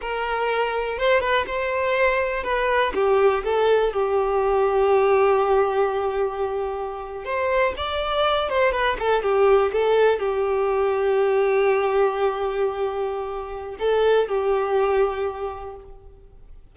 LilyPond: \new Staff \with { instrumentName = "violin" } { \time 4/4 \tempo 4 = 122 ais'2 c''8 b'8 c''4~ | c''4 b'4 g'4 a'4 | g'1~ | g'2~ g'8. c''4 d''16~ |
d''4~ d''16 c''8 b'8 a'8 g'4 a'16~ | a'8. g'2.~ g'16~ | g'1 | a'4 g'2. | }